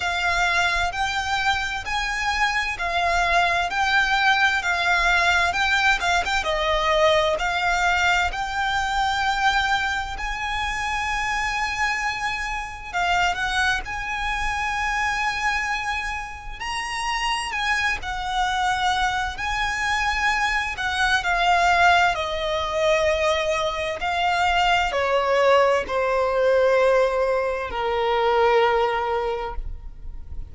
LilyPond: \new Staff \with { instrumentName = "violin" } { \time 4/4 \tempo 4 = 65 f''4 g''4 gis''4 f''4 | g''4 f''4 g''8 f''16 g''16 dis''4 | f''4 g''2 gis''4~ | gis''2 f''8 fis''8 gis''4~ |
gis''2 ais''4 gis''8 fis''8~ | fis''4 gis''4. fis''8 f''4 | dis''2 f''4 cis''4 | c''2 ais'2 | }